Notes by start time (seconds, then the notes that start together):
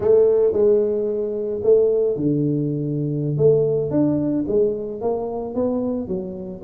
0.00 A3
0.52 G#3
1.63 A3
2.16 D3
3.37 A3
3.90 D4
4.47 G#3
5.01 A#3
5.55 B3
6.07 F#3